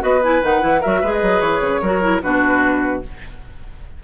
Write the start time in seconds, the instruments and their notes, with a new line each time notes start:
0.00 bassoon B3, clarinet F#4, oboe B4, flute D#5
0.24 clarinet E4, flute G#5
0.42 bassoon D#3, clarinet D#4, flute F#5
0.61 bassoon E3, clarinet E4
0.81 bassoon F#3, clarinet F#4, oboe A#4, flute E5
1.01 bassoon G#3, clarinet G#4, oboe B4
1.13 flute D#5
1.23 bassoon F#3
1.41 bassoon E3, flute C#5
1.61 bassoon C#3
1.82 bassoon F#3, clarinet F#4, oboe A#4
2.02 clarinet E4
2.23 bassoon B2, clarinet D4, oboe F#4, flute B4